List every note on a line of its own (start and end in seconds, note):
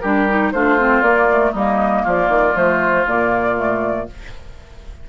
0.00 0.53 G3
0.00 0.29 D4
0.00 0.53 G4
0.00 0.51 A#4
0.29 0.54 D#4
0.52 1.02 A3
0.52 0.78 D4
0.52 1.52 F4
0.52 1.02 C5
0.78 1.04 C4
1.02 1.53 A#3
1.02 1.29 A#3
1.02 1.53 D5
1.31 1.56 A3
1.52 2.05 G3
1.52 2.55 A#3
1.52 2.03 D#4
1.52 2.06 D#5
2.04 2.29 F3
2.04 4.07 F4
2.04 2.57 D5
2.29 2.55 D#3
2.55 3.06 F3
2.55 3.05 A3
2.55 3.08 C5
3.08 4.10 A#2
3.08 3.57 A#3
3.08 4.10 D5
3.57 4.08 A3